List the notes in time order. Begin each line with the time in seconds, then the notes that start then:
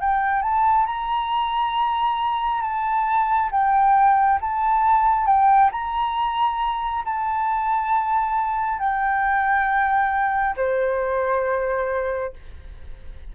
0.00 G5
0.42 A5
0.86 A#5
2.61 A5
3.51 G5
4.41 A5
5.26 G5
5.72 A#5
7.04 A5
8.79 G5
10.56 C5